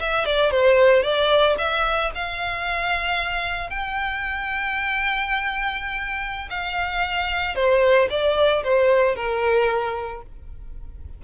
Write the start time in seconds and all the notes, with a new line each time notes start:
0.00 E5
0.25 D5
0.51 C5
1.03 D5
1.58 E5
2.15 F5
3.70 G5
6.50 F5
7.55 C5
8.10 D5
8.63 C5
9.16 A#4